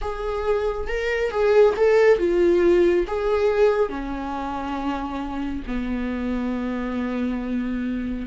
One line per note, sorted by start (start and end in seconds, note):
0.01 0.87 G#4
0.87 1.30 A#4
1.30 1.74 G#4
1.76 2.18 A4
2.18 3.05 F4
3.07 3.89 G#4
3.89 5.63 C#4
5.66 8.26 B3